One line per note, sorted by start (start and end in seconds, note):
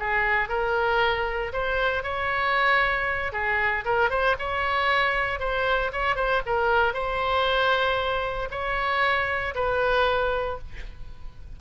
0.00 0.49 G#4
0.49 1.53 A#4
1.53 2.04 C5
2.04 3.33 C#5
3.33 3.85 G#4
3.85 4.11 A#4
4.11 4.36 C5
4.39 5.40 C#5
5.40 5.92 C5
5.93 6.16 C#5
6.16 6.42 C5
6.47 6.94 A#4
6.94 8.49 C5
8.51 9.55 C#5
9.55 10.59 B4